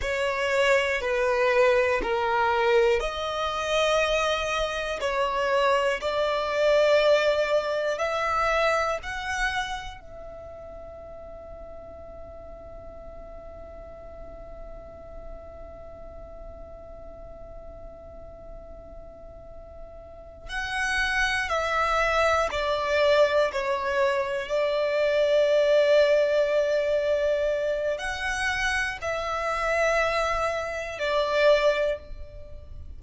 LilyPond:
\new Staff \with { instrumentName = "violin" } { \time 4/4 \tempo 4 = 60 cis''4 b'4 ais'4 dis''4~ | dis''4 cis''4 d''2 | e''4 fis''4 e''2~ | e''1~ |
e''1~ | e''8 fis''4 e''4 d''4 cis''8~ | cis''8 d''2.~ d''8 | fis''4 e''2 d''4 | }